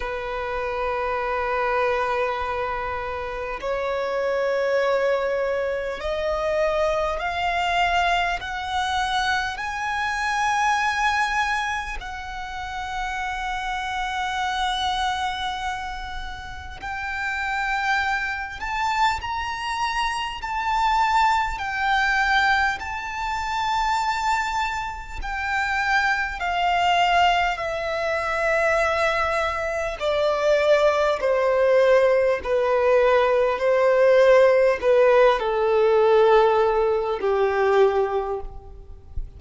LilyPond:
\new Staff \with { instrumentName = "violin" } { \time 4/4 \tempo 4 = 50 b'2. cis''4~ | cis''4 dis''4 f''4 fis''4 | gis''2 fis''2~ | fis''2 g''4. a''8 |
ais''4 a''4 g''4 a''4~ | a''4 g''4 f''4 e''4~ | e''4 d''4 c''4 b'4 | c''4 b'8 a'4. g'4 | }